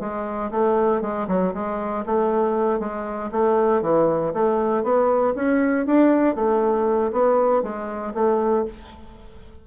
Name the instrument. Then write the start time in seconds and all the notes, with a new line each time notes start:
bassoon
0.00 G#3
0.51 A3
1.02 G#3
1.28 F#3
1.54 G#3
2.06 A3
2.80 G#3
3.32 A3
3.82 E3
4.33 A3
4.83 B3
5.35 C#4
5.86 D4
6.35 A3
7.12 B3
7.63 G#3
8.14 A3